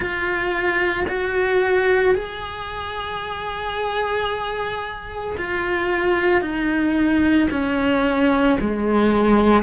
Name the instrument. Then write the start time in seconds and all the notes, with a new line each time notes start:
cello
0.00 F4
1.08 F#4
2.14 G#4
5.37 F4
6.40 D#4
7.50 C#4
8.60 G#3